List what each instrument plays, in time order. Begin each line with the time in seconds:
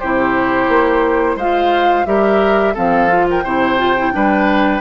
0.00 bassoon C3, clarinet E4, oboe G4, flute C5
0.69 bassoon A#3
1.36 bassoon G#3, clarinet F4, oboe C5, flute F5
2.06 bassoon G3, clarinet G4, oboe A#4, flute E5
2.74 bassoon F3, clarinet C4, oboe A4, flute F5
3.09 clarinet F4
3.30 oboe A#4, flute G5
3.44 bassoon C3, clarinet E4, oboe C5
3.79 clarinet F4
3.98 clarinet E4
4.13 bassoon G3, clarinet D4, oboe B4